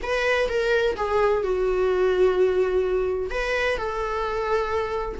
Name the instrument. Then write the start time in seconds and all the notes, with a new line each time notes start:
viola
0.02 B4
0.49 A#4
0.96 G#4
1.43 F#4
3.30 B4
3.77 A4